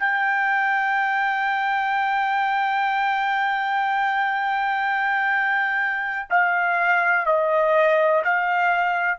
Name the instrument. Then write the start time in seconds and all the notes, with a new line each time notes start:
trumpet
0.00 G5
6.30 F5
7.26 D#5
8.24 F5